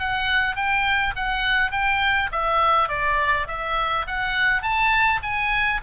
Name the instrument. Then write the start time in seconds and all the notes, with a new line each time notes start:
oboe
0.00 F#5
0.56 G5
1.16 F#5
1.72 G5
2.32 E5
2.89 D5
3.48 E5
4.08 F#5
4.63 A5
5.23 G#5